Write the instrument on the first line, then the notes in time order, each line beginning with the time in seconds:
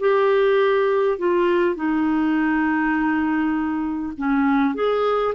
clarinet
0.00 G4
1.18 F4
1.75 D#4
4.17 C#4
4.75 G#4